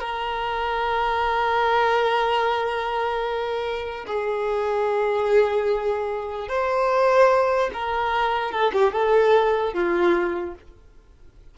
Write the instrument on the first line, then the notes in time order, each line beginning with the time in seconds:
violin
0.00 A#4
4.07 G#4
6.48 C5
7.73 A#4
8.51 A4
8.72 G4
8.92 A4
9.73 F4